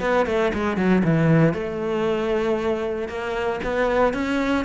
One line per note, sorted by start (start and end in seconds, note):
0.00 0.26 B3
0.26 0.52 A3
0.53 0.77 G#3
0.77 1.03 F#3
1.04 1.54 E3
1.54 3.08 A3
3.08 3.60 A#3
3.64 4.13 B3
4.13 4.65 C#4